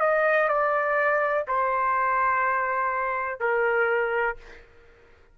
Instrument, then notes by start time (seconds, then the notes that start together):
trumpet
0.00 D#5
0.48 D5
1.47 C5
3.40 A#4